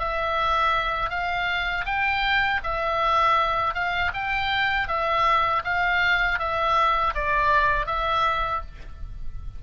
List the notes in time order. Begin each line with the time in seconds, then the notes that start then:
0.00 E5
1.10 F5
1.86 G5
2.64 E5
3.74 F5
4.14 G5
4.88 E5
5.65 F5
6.39 E5
7.15 D5
7.87 E5